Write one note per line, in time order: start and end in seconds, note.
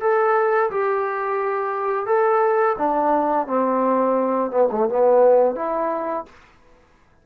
0.00 0.70 A4
0.70 2.06 G4
2.06 2.76 A4
2.78 3.47 D4
3.47 4.51 C4
4.51 4.68 B3
4.71 4.89 A3
4.89 5.55 B3
5.55 6.25 E4